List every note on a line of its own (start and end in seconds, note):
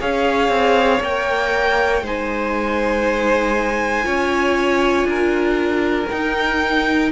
0.00 0.49 C#4
0.00 1.01 G#4
0.00 2.03 C#5
0.00 1.03 F5
0.49 1.00 C4
1.01 2.02 A#3
1.01 2.03 A#4
1.01 2.06 G5
2.02 4.05 G#3
2.02 4.03 D#4
2.02 4.06 C5
2.02 6.10 G#5
4.03 5.05 C#4
4.03 6.07 F4
4.03 5.07 C#5
5.05 6.06 D4
5.05 7.12 A#4
6.10 7.12 D#4
6.10 7.11 G5